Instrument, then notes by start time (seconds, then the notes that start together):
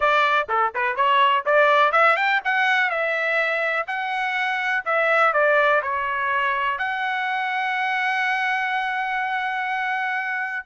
trumpet
0.00 D5
0.48 A4
0.75 B4
0.95 C#5
1.45 D5
1.92 E5
2.16 G5
2.44 F#5
2.89 E5
3.87 F#5
4.85 E5
5.33 D5
5.82 C#5
6.78 F#5